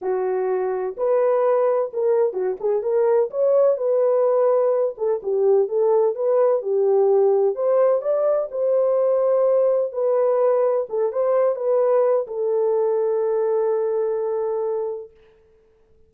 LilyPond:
\new Staff \with { instrumentName = "horn" } { \time 4/4 \tempo 4 = 127 fis'2 b'2 | ais'4 fis'8 gis'8 ais'4 cis''4 | b'2~ b'8 a'8 g'4 | a'4 b'4 g'2 |
c''4 d''4 c''2~ | c''4 b'2 a'8 c''8~ | c''8 b'4. a'2~ | a'1 | }